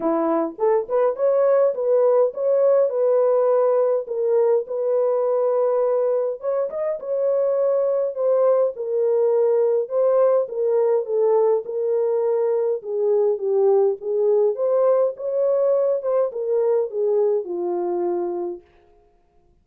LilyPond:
\new Staff \with { instrumentName = "horn" } { \time 4/4 \tempo 4 = 103 e'4 a'8 b'8 cis''4 b'4 | cis''4 b'2 ais'4 | b'2. cis''8 dis''8 | cis''2 c''4 ais'4~ |
ais'4 c''4 ais'4 a'4 | ais'2 gis'4 g'4 | gis'4 c''4 cis''4. c''8 | ais'4 gis'4 f'2 | }